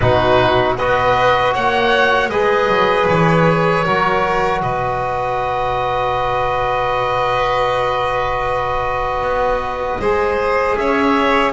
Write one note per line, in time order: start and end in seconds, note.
0.00 0.78 B2
0.00 0.78 D#4
0.00 0.77 F#4
0.00 0.75 B4
0.77 1.55 B3
0.77 2.31 F#4
0.77 1.53 B4
0.77 1.54 D#5
1.53 2.28 A#3
1.53 2.30 C#5
1.53 2.29 F#5
2.28 2.67 G#3
2.28 3.84 G#4
2.28 3.84 B4
2.28 3.06 D#5
2.68 3.07 F#3
3.08 3.85 E3
3.08 4.61 C#5
3.84 4.62 F#3
3.84 10.00 F#4
3.84 4.61 A#4
4.62 9.21 B2
4.62 10.00 B4
4.62 10.77 D#5
9.21 9.98 B3
9.99 10.76 G#3
9.99 11.52 G#4
9.99 10.77 C5
10.77 11.52 C#4
10.77 11.52 C#5
10.77 11.52 E5